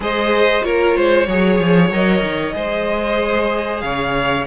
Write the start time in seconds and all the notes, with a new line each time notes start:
0.00 G#3 G#4 C5 D#5
0.62 A#3 F4 A#4 C#5
0.96 G#3 C5
1.26 F#3 G#4 C#5
1.59 F3
1.89 F#3 A#4 D#5
2.22 D#3
2.52 G#3 G#4 C5
3.80 C#3 C#5 F5